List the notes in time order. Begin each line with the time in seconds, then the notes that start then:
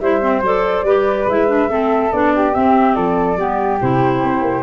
0.00 G3 E4 C5 E5
0.21 C4
0.41 F#3 A4 D5
0.83 G3 G4 B4
1.26 G#3 E4 E5
1.48 D4
1.69 A3 C4 A4
2.12 B3 D4 D5
2.35 G4
2.53 C4 E5
2.94 F3 A4 D5
3.37 G3 B3 G4
3.81 C3 E4 C5
4.24 C4
4.42 A#3